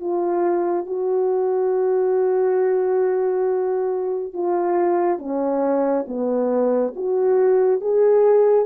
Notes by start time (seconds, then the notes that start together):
0.00 F4
0.86 F#4
4.33 F4
5.18 C#4
6.07 B3
6.96 F#4
7.81 G#4